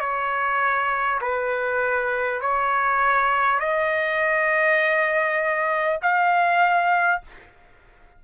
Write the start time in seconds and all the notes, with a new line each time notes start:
0.00 C#5
1.21 B4
2.41 C#5
3.59 D#5
6.02 F5